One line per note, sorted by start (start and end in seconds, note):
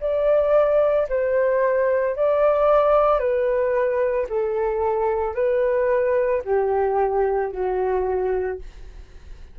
0.00 1.07 D5
1.08 2.15 C5
2.15 3.19 D5
3.19 4.26 B4
4.29 5.34 A4
5.34 6.41 B4
6.44 7.51 G4
7.51 8.59 F#4